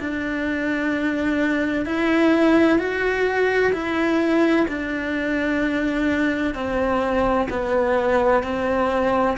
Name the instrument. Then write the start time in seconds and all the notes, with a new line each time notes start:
cello
0.00 D4
1.86 E4
2.79 F#4
3.73 E4
4.68 D4
6.55 C4
7.50 B3
8.44 C4